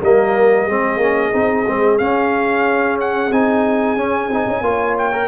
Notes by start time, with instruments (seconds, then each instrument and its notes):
0.00 tuba G3, trombone A#3, horn A#4, trumpet D#5
0.66 tuba G#3, trombone C4, horn G#4
0.97 tuba A#3, trombone C#4
1.33 tuba C4, trombone D#4
1.68 tuba G#3, trombone C4
1.98 trombone C#4, tuba C#4, trumpet F5
3.01 trumpet F#5
3.31 tuba C4, trombone D#4, trumpet G#5
3.96 tuba C#4, trombone C#4
4.30 tuba C4, trombone D#4
4.48 tuba C#4
4.62 tuba A#3, trombone F4, horn C#5
4.98 trumpet G5
5.13 trombone A#4